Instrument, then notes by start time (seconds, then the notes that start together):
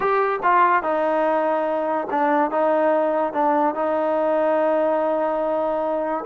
trombone
0.00 G4
0.42 F4
0.82 D#4
2.10 D4
2.51 D#4
3.33 D4
3.74 D#4